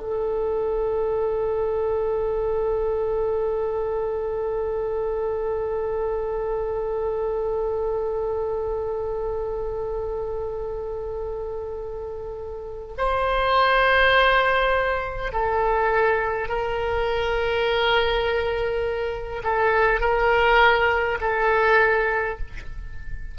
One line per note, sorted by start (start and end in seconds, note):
0.00 12.94 A4
12.98 15.33 C5
15.33 16.49 A4
16.49 19.43 A#4
19.44 20.01 A4
20.01 21.19 A#4
21.21 22.39 A4